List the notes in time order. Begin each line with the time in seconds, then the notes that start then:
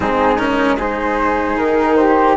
0.00 G#3 C4 D#4 G#4
0.38 C#4 A#4
0.77 D#4 G#4 C5
1.57 D#3 A#4
1.96 G4 C5